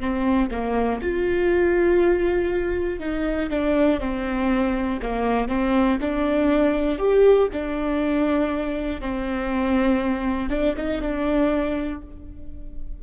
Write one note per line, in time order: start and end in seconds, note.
0.00 0.50 C4
0.51 1.01 A#3
1.01 3.00 F4
3.00 3.50 D#4
3.50 4.00 D4
4.00 5.00 C4
5.02 5.48 A#3
5.48 5.98 C4
6.00 6.98 D4
6.98 7.48 G4
7.52 9.01 D4
9.01 10.50 C4
10.50 10.75 D4
10.77 11.01 D#4
11.01 12.01 D4